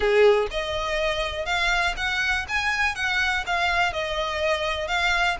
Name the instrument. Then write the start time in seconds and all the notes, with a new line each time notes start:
violin
0.00 G#4
0.50 D#5
1.45 F5
1.96 F#5
2.48 G#5
2.95 F#5
3.46 F5
3.92 D#5
4.87 F5